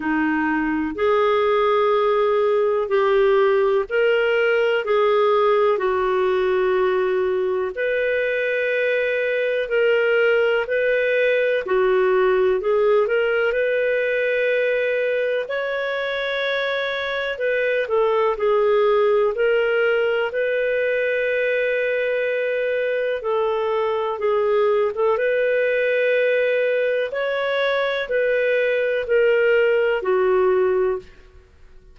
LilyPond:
\new Staff \with { instrumentName = "clarinet" } { \time 4/4 \tempo 4 = 62 dis'4 gis'2 g'4 | ais'4 gis'4 fis'2 | b'2 ais'4 b'4 | fis'4 gis'8 ais'8 b'2 |
cis''2 b'8 a'8 gis'4 | ais'4 b'2. | a'4 gis'8. a'16 b'2 | cis''4 b'4 ais'4 fis'4 | }